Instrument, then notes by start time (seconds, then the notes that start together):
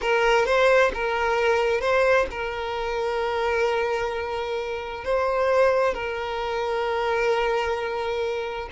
violin
0.01 A#4
0.45 C5
0.94 A#4
1.80 C5
2.30 A#4
5.04 C5
5.93 A#4